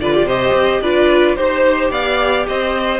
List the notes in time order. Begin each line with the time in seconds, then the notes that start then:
0.00 D3 F4 B4 D5
0.14 G4
0.23 C3 G4 C5 D#5
0.52 C4
0.81 D4 F4 B4 D5
1.35 D#4 G4 C5
1.90 B3 D5 F5
2.47 C4 C5 D#5